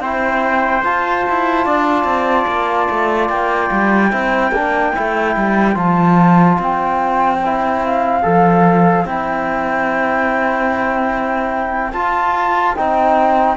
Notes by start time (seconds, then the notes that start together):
0.00 C4 E4 C5 G5
0.84 F4 A5
1.30 E4
1.66 D4 D5
2.04 C4
2.47 A#3
2.90 A3
3.29 A#3 G5
3.72 G3
4.12 C4 E4 C5
4.52 A#3 D4
4.95 A3 E4
5.36 G3
5.74 F3 F4 A5
6.59 C4 G5
7.45 E4
7.85 F5
8.23 F3 A4
9.05 C4 E4 G5
11.92 F4 A5
12.76 C4 D#4 G5